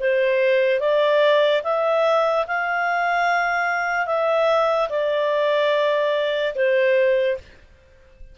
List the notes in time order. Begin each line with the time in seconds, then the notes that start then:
0.00 C5
0.80 D5
1.64 E5
2.47 F5
4.06 E5
4.90 D5
6.55 C5